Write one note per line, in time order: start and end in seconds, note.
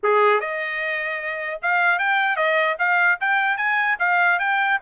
0.03 0.40 G#4
0.40 1.60 D#5
1.61 1.99 F5
1.99 2.36 G5
2.36 2.76 D#5
2.79 3.19 F5
3.20 3.57 G5
3.57 3.97 G#5
3.99 4.39 F5
4.39 4.79 G5